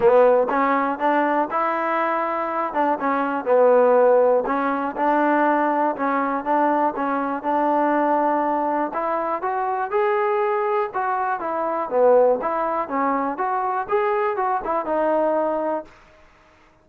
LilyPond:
\new Staff \with { instrumentName = "trombone" } { \time 4/4 \tempo 4 = 121 b4 cis'4 d'4 e'4~ | e'4. d'8 cis'4 b4~ | b4 cis'4 d'2 | cis'4 d'4 cis'4 d'4~ |
d'2 e'4 fis'4 | gis'2 fis'4 e'4 | b4 e'4 cis'4 fis'4 | gis'4 fis'8 e'8 dis'2 | }